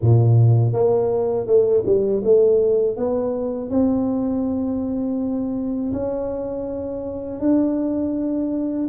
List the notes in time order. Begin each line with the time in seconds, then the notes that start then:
0.01 A#2
0.72 A#3
1.46 A3
1.86 G3
2.24 A3
2.96 B3
3.70 C4
5.93 C#4
7.39 D4